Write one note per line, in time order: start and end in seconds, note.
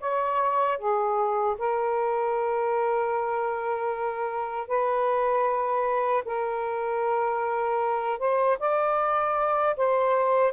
0.00 0.78 C#5
0.78 1.56 G#4
1.58 4.68 A#4
4.68 6.24 B4
6.24 8.19 A#4
8.19 8.57 C5
8.59 9.76 D5
9.77 10.52 C5